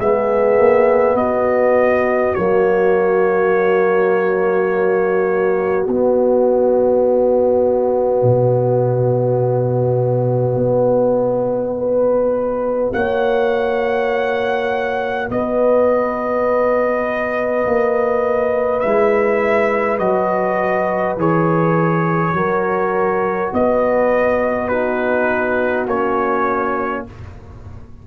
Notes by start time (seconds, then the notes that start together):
0.00 G#3 B3 G#4 E5
0.59 A#3
1.15 B3 F#4 D#5
2.35 F#3 A#3 C#5
5.88 B3 D#5
8.23 B2
10.56 B3
11.76 F#4 B4
12.94 A#3 C#5 F#5
15.30 B3 B4 D#5
17.66 A#3
18.81 G#3 E4 E5
19.99 F#3 F#4 D#5
21.17 E3 G#4 C#5
22.34 F#3 F#4 A#4
23.53 B3 B4 D#5
24.68 D#4 F#4 B4
25.87 A#3 C#4 C#5